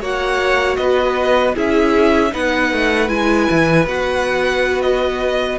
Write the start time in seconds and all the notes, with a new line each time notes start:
0.00 A#3 F#4 C#5 F#5
0.76 B3 B4 D#5
1.55 C#4 E4 G#4 E5
2.30 B3 D#4 B4 F#5
2.72 A3
3.08 G#3 E4 G#5
3.50 E3
3.86 B3 F#4 F#5
4.81 D#5